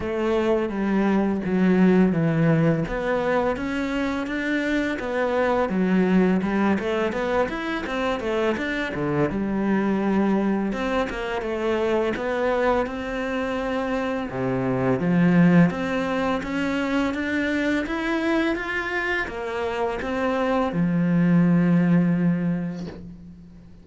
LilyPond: \new Staff \with { instrumentName = "cello" } { \time 4/4 \tempo 4 = 84 a4 g4 fis4 e4 | b4 cis'4 d'4 b4 | fis4 g8 a8 b8 e'8 c'8 a8 | d'8 d8 g2 c'8 ais8 |
a4 b4 c'2 | c4 f4 c'4 cis'4 | d'4 e'4 f'4 ais4 | c'4 f2. | }